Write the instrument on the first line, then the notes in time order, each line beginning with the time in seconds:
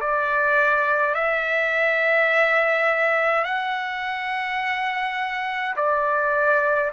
trumpet
0.00 D5
1.14 E5
3.44 F#5
5.76 D5